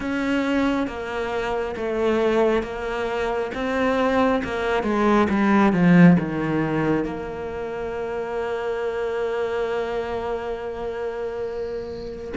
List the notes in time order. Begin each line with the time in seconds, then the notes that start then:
0.00 C#4
0.87 A#3
1.76 A3
2.62 A#3
3.54 C4
4.44 A#3
4.83 G#3
5.29 G3
5.72 F3
6.19 D#3
7.04 A#3